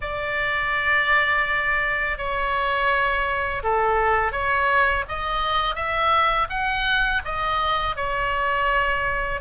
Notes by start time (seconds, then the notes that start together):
0.01 D5
2.17 C#5
3.63 A4
4.32 C#5
5.08 D#5
5.75 E5
6.49 F#5
7.24 D#5
7.96 C#5